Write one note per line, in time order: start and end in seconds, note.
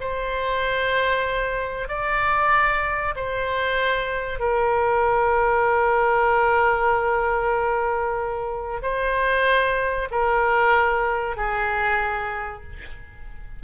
0.00 1.88 C5
1.88 3.14 D5
3.16 4.39 C5
4.39 8.81 A#4
8.82 10.08 C5
10.11 11.37 A#4
11.37 12.63 G#4